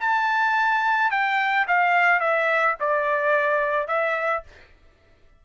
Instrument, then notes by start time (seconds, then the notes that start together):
trumpet
0.00 A5
1.11 G5
1.68 F5
2.20 E5
2.80 D5
3.88 E5